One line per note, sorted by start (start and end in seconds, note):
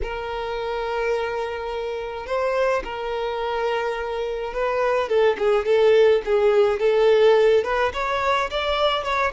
0.02 2.26 A#4
2.26 2.83 C5
2.84 4.53 A#4
4.53 5.08 B4
5.08 5.36 A4
5.38 5.65 G#4
5.65 6.22 A4
6.25 6.79 G#4
6.79 7.64 A4
7.64 7.92 B4
7.93 8.49 C#5
8.50 9.03 D5
9.03 9.32 C#5